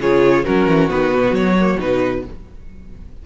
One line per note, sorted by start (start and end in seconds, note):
0.00 0.45 C#3
0.00 0.45 F4
0.00 0.45 G#4
0.00 0.45 C#5
0.45 0.67 F#3
0.45 0.89 C#4
0.45 2.24 F#4
0.45 0.90 A#4
0.67 0.90 E3
0.89 1.14 D#3
0.89 1.57 B3
0.89 1.35 B4
1.14 1.32 B2
1.32 1.76 F#3
1.32 1.80 C#5
1.60 1.79 A#3
1.79 2.25 B2
1.79 2.24 D#4
1.79 2.26 B4